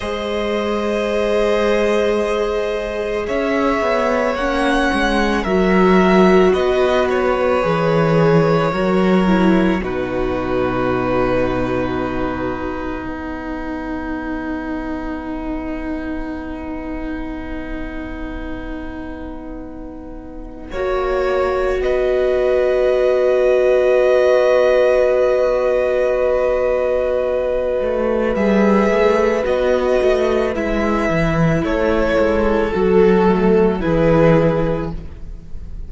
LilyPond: <<
  \new Staff \with { instrumentName = "violin" } { \time 4/4 \tempo 4 = 55 dis''2. e''4 | fis''4 e''4 dis''8 cis''4.~ | cis''4 b'2. | fis''1~ |
fis''1 | dis''1~ | dis''2 e''4 dis''4 | e''4 cis''4 a'4 b'4 | }
  \new Staff \with { instrumentName = "violin" } { \time 4/4 c''2. cis''4~ | cis''4 ais'4 b'2 | ais'4 fis'2. | b'1~ |
b'2. cis''4 | b'1~ | b'1~ | b'4 a'2 gis'4 | }
  \new Staff \with { instrumentName = "viola" } { \time 4/4 gis'1 | cis'4 fis'2 gis'4 | fis'8 e'8 dis'2.~ | dis'1~ |
dis'2. fis'4~ | fis'1~ | fis'2 gis'4 fis'4 | e'2 fis'8 a8 e'4 | }
  \new Staff \with { instrumentName = "cello" } { \time 4/4 gis2. cis'8 b8 | ais8 gis8 fis4 b4 e4 | fis4 b,2. | b1~ |
b2. ais4 | b1~ | b4. a8 g8 a8 b8 a8 | gis8 e8 a8 gis8 fis4 e4 | }
>>